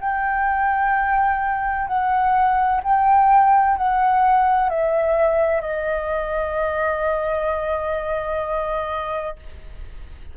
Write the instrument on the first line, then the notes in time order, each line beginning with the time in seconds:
flute
0.00 G5
1.87 F#5
2.83 G5
3.77 F#5
4.69 E5
5.61 D#5